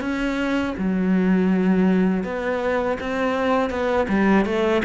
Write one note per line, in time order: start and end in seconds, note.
0.00 0.74 C#4
0.78 2.24 F#3
2.24 2.98 B3
3.00 3.70 C4
3.70 4.07 B3
4.08 4.45 G3
4.45 4.82 A3